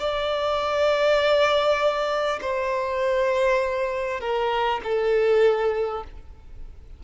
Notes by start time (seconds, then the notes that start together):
0.00 D5
2.42 C5
4.21 A#4
4.84 A4